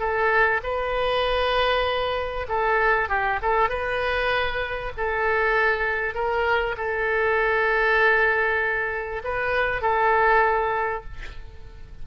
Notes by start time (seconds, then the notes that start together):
0.00 A4
0.63 B4
2.49 A4
3.09 G4
3.42 A4
3.70 B4
4.98 A4
6.14 A#4
6.78 A4
9.24 B4
9.82 A4